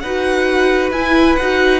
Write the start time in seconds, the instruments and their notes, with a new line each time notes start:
0.00 cello D#4, viola F#4, violin B4 F#5
0.90 cello E4, viola E4, violin G#5
1.36 cello D#4, viola F#4, violin F#5